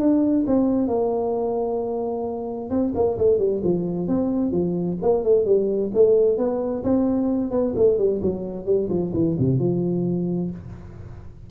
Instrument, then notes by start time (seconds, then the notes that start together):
tuba
0.00 D4
0.47 C4
0.88 A#3
2.71 C4
2.95 A#3
3.19 A3
3.39 G3
3.64 F3
4.08 C4
4.52 F3
5.03 A#3
5.24 A3
5.46 G3
5.94 A3
6.38 B3
6.84 C4
7.51 B3
7.76 A3
7.98 G3
8.22 F#3
8.66 G3
8.90 F3
9.14 E3
9.39 C3
9.59 F3